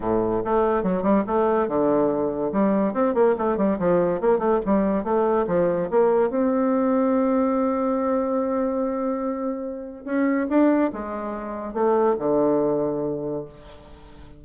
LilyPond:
\new Staff \with { instrumentName = "bassoon" } { \time 4/4 \tempo 4 = 143 a,4 a4 fis8 g8 a4 | d2 g4 c'8 ais8 | a8 g8 f4 ais8 a8 g4 | a4 f4 ais4 c'4~ |
c'1~ | c'1 | cis'4 d'4 gis2 | a4 d2. | }